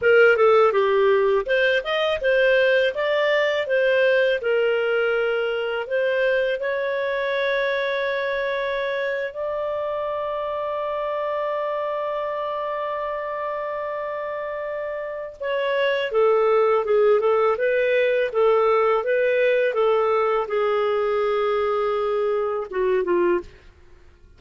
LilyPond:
\new Staff \with { instrumentName = "clarinet" } { \time 4/4 \tempo 4 = 82 ais'8 a'8 g'4 c''8 dis''8 c''4 | d''4 c''4 ais'2 | c''4 cis''2.~ | cis''8. d''2.~ d''16~ |
d''1~ | d''4 cis''4 a'4 gis'8 a'8 | b'4 a'4 b'4 a'4 | gis'2. fis'8 f'8 | }